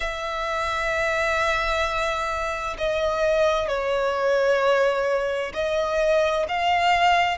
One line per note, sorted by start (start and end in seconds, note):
0.00 2.77 E5
2.77 3.68 D#5
3.68 5.52 C#5
5.53 6.46 D#5
6.48 7.37 F5